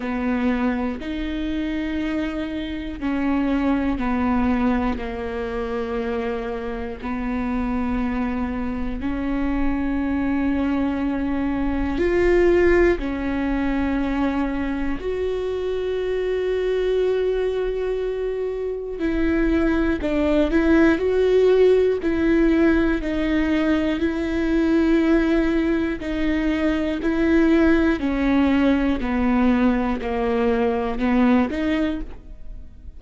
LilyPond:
\new Staff \with { instrumentName = "viola" } { \time 4/4 \tempo 4 = 60 b4 dis'2 cis'4 | b4 ais2 b4~ | b4 cis'2. | f'4 cis'2 fis'4~ |
fis'2. e'4 | d'8 e'8 fis'4 e'4 dis'4 | e'2 dis'4 e'4 | cis'4 b4 ais4 b8 dis'8 | }